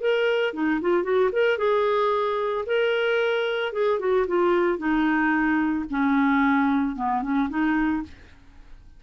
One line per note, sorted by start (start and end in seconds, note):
0.00 0.53 A#4
0.53 0.80 D#4
0.81 1.03 F4
1.03 1.30 F#4
1.32 1.58 A#4
1.58 2.65 G#4
2.66 3.73 A#4
3.73 3.99 G#4
3.99 4.26 F#4
4.27 4.78 F4
4.78 5.85 D#4
5.90 6.96 C#4
6.96 7.22 B3
7.22 7.49 C#4
7.49 8.03 D#4